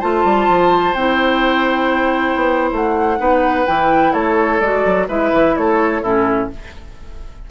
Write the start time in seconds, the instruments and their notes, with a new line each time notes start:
0.00 bassoon A3, clarinet F4, oboe C5, flute A5
0.25 bassoon G3
0.49 bassoon F3
0.94 bassoon C4, clarinet E4, flute G5
2.36 bassoon B3
2.72 bassoon A3, flute F#5
3.18 bassoon B3, clarinet D#4, oboe B4
3.67 bassoon E3, clarinet E4, flute G5
4.13 bassoon A3, oboe A4, flute C#5
4.61 bassoon G#3, clarinet F#4, flute D5
4.85 bassoon F#3
5.09 bassoon G#3, clarinet E4, oboe B4, flute E5
5.33 bassoon E3
5.57 bassoon A3, oboe A4, flute C#5
6.02 bassoon A2, clarinet C#4, oboe E4, flute A4